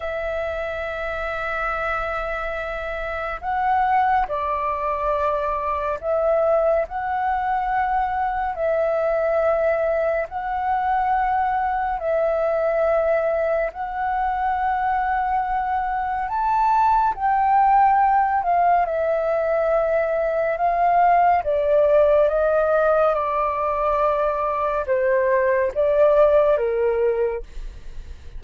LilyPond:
\new Staff \with { instrumentName = "flute" } { \time 4/4 \tempo 4 = 70 e''1 | fis''4 d''2 e''4 | fis''2 e''2 | fis''2 e''2 |
fis''2. a''4 | g''4. f''8 e''2 | f''4 d''4 dis''4 d''4~ | d''4 c''4 d''4 ais'4 | }